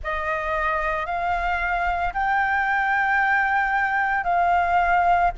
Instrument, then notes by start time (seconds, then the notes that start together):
flute
0.03 D#5
1.06 F5
2.13 G5
4.24 F5